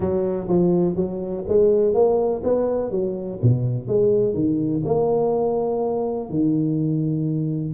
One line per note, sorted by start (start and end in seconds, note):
0.00 0.47 F#3
0.48 0.95 F3
0.95 1.44 F#3
1.48 1.94 G#3
1.94 2.42 A#3
2.43 2.90 B3
2.90 3.39 F#3
3.42 3.87 B2
3.87 4.34 G#3
4.34 4.82 D#3
4.85 6.29 A#3
6.29 7.74 D#3